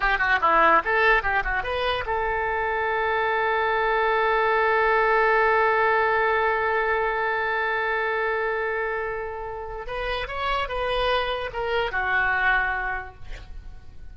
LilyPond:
\new Staff \with { instrumentName = "oboe" } { \time 4/4 \tempo 4 = 146 g'8 fis'8 e'4 a'4 g'8 fis'8 | b'4 a'2.~ | a'1~ | a'1~ |
a'1~ | a'1 | b'4 cis''4 b'2 | ais'4 fis'2. | }